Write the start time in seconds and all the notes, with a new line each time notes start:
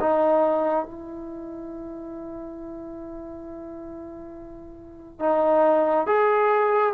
0.00 D#4
0.85 E4
5.19 D#4
6.06 G#4